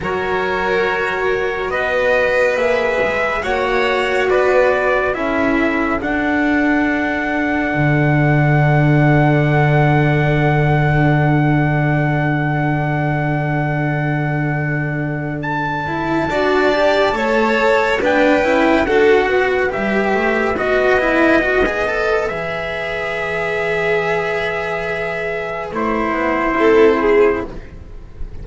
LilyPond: <<
  \new Staff \with { instrumentName = "trumpet" } { \time 4/4 \tempo 4 = 70 cis''2 dis''4 e''4 | fis''4 d''4 e''4 fis''4~ | fis''1~ | fis''1~ |
fis''2 a''2~ | a''4 g''4 fis''4 e''4 | dis''2 e''2~ | e''2 c''2 | }
  \new Staff \with { instrumentName = "violin" } { \time 4/4 ais'2 b'2 | cis''4 b'4 a'2~ | a'1~ | a'1~ |
a'2. d''4 | cis''4 b'4 a'8 b'4.~ | b'1~ | b'2. a'8 gis'8 | }
  \new Staff \with { instrumentName = "cello" } { \time 4/4 fis'2. gis'4 | fis'2 e'4 d'4~ | d'1~ | d'1~ |
d'2~ d'8 e'8 fis'8 g'8 | a'4 d'8 e'8 fis'4 g'4 | fis'8 e'8 fis'16 gis'16 a'8 gis'2~ | gis'2 e'2 | }
  \new Staff \with { instrumentName = "double bass" } { \time 4/4 fis2 b4 ais8 gis8 | ais4 b4 cis'4 d'4~ | d'4 d2.~ | d1~ |
d2. d'4 | a4 b8 cis'8 d'8 b8 g8 a8 | b2 e2~ | e2 a8 b8 c'4 | }
>>